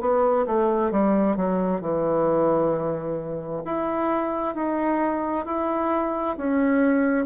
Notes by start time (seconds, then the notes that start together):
0.00 B3
0.46 A3
0.91 G3
1.36 F#3
1.81 E3
3.64 E4
4.55 D#4
5.45 E4
6.37 C#4